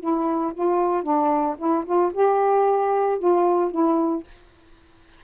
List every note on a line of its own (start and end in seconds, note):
0.00 0.53 E4
0.54 1.03 F4
1.03 1.56 D4
1.58 1.84 E4
1.86 2.12 F4
2.14 3.19 G4
3.19 3.71 F4
3.71 4.24 E4